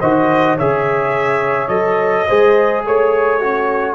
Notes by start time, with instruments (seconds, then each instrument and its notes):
0.00 tuba D#3, trombone F#4, horn C5, trumpet D#5
0.56 tuba C#3, trombone G#4, horn C#5, trumpet E5
1.68 tuba F#3, trombone A4, trumpet D#5
2.27 tuba G#3, trombone G#4, horn C5
2.85 tuba A3, horn C#5, trumpet C#5
3.40 horn C#4, trombone F#4